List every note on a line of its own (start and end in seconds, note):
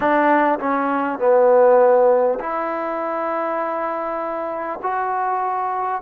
0.00 0.58 D4
0.59 1.18 C#4
1.18 2.38 B3
2.39 4.79 E4
4.82 6.01 F#4